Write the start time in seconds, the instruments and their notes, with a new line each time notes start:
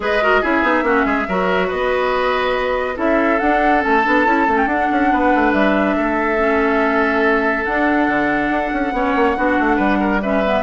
0.00 bassoon G#3, clarinet G#4, oboe B4, flute D#5
0.21 clarinet F#4, oboe A#4
0.41 bassoon C#4, clarinet E4, oboe G#4, flute E5
0.62 bassoon B3, clarinet D#4
0.82 bassoon A#3, clarinet C#4, oboe F#4
1.05 bassoon G#3, oboe G#4
1.28 bassoon F#3, clarinet F#4, oboe A#4
1.67 bassoon B3, oboe B4, flute D#5
2.95 bassoon C#4, clarinet E4, oboe A4, flute E5
3.39 clarinet D4, bassoon D4, flute F#5
3.79 bassoon A3, clarinet C#4, flute A5
4.04 bassoon B3, clarinet D4
4.25 bassoon C#4, clarinet E4
4.47 bassoon A3, clarinet C#4
4.57 flute G5
4.66 bassoon D4, clarinet D4, flute F#5
4.91 bassoon C#4
5.12 bassoon B3, oboe B4
5.34 bassoon A3
5.52 bassoon G3, flute E5
5.96 bassoon A3, oboe A4
6.37 clarinet C#4
7.65 clarinet D4, bassoon D4, flute F#5
8.07 bassoon D3
8.49 bassoon D4
8.72 bassoon C#4
8.92 bassoon B3, clarinet C#4, oboe C#5
9.15 bassoon A#3
9.36 bassoon B3, clarinet D4, oboe F#4
9.59 bassoon A3
9.76 bassoon G3, oboe B4
10.00 oboe A#4
10.22 clarinet C#4, oboe B4, flute E5
10.44 clarinet B3